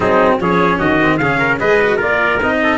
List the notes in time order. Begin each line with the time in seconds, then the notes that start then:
0.00 F#3 C4 D#4 G#4
0.39 F3 C#4 G#4 C#5
0.78 D#3 F#4 D#5
1.01 C4
1.17 C#3 C#4 G#4 F5
1.38 A#4
1.59 G#3 G#4 B4 D#5
1.81 F#4
1.96 A#3 F4 A#4 D5
2.42 C4 D#4 D#5
2.62 A4